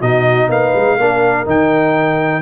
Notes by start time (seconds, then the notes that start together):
0.00 B2 D#4 F#4 D#5
0.49 A#3 B4 F5
0.75 G#3
0.97 A#3 D4 A#4
1.45 D#3 D#4 G5